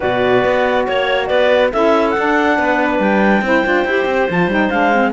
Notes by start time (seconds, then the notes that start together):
0.00 B2 F#4 B4 D5
0.44 B3
0.86 A#3 C#5
1.26 B3 B4 D5
1.72 C#4 E4 A4 E5
2.10 F#5
2.16 D4
2.57 B3 B4
2.99 G3 G5
3.41 C4 E4 C5
3.65 D4 F4
3.84 E4 G4
4.05 C4
4.29 F3 F4 A5
4.47 G3 D#4 G5
4.69 G#3 D4 F5
4.93 C4